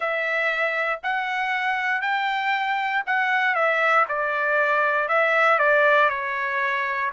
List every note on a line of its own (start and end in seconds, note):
0.00 1.00 E5
1.03 2.01 F#5
2.01 3.03 G5
3.06 3.55 F#5
3.55 4.05 E5
4.08 5.08 D5
5.08 5.58 E5
5.58 6.09 D5
6.09 7.10 C#5